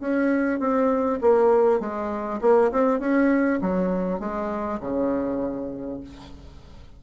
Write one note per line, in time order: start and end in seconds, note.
0.00 0.60 C#4
0.60 1.20 C4
1.22 1.80 A#3
1.80 2.40 G#3
2.41 2.71 A#3
2.72 3.00 C4
3.00 3.60 C#4
3.61 4.19 F#3
4.19 4.79 G#3
4.81 6.01 C#3